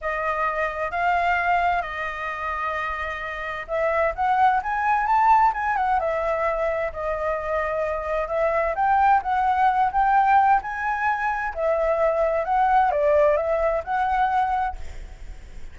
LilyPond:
\new Staff \with { instrumentName = "flute" } { \time 4/4 \tempo 4 = 130 dis''2 f''2 | dis''1 | e''4 fis''4 gis''4 a''4 | gis''8 fis''8 e''2 dis''4~ |
dis''2 e''4 g''4 | fis''4. g''4. gis''4~ | gis''4 e''2 fis''4 | d''4 e''4 fis''2 | }